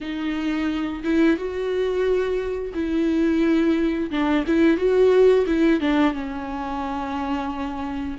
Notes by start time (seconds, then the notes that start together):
0.00 D#4
1.04 E4
1.36 F#4
2.74 E4
4.10 D4
4.46 E4
4.77 F#4
5.46 E4
5.80 D4
6.13 C#4